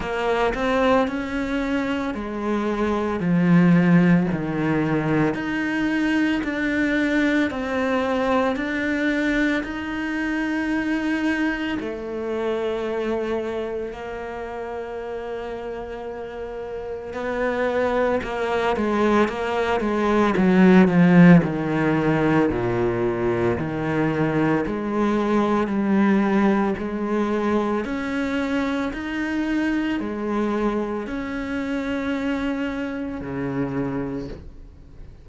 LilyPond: \new Staff \with { instrumentName = "cello" } { \time 4/4 \tempo 4 = 56 ais8 c'8 cis'4 gis4 f4 | dis4 dis'4 d'4 c'4 | d'4 dis'2 a4~ | a4 ais2. |
b4 ais8 gis8 ais8 gis8 fis8 f8 | dis4 ais,4 dis4 gis4 | g4 gis4 cis'4 dis'4 | gis4 cis'2 cis4 | }